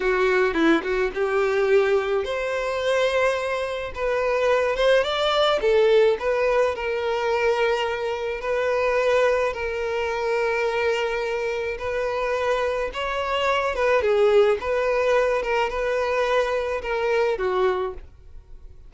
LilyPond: \new Staff \with { instrumentName = "violin" } { \time 4/4 \tempo 4 = 107 fis'4 e'8 fis'8 g'2 | c''2. b'4~ | b'8 c''8 d''4 a'4 b'4 | ais'2. b'4~ |
b'4 ais'2.~ | ais'4 b'2 cis''4~ | cis''8 b'8 gis'4 b'4. ais'8 | b'2 ais'4 fis'4 | }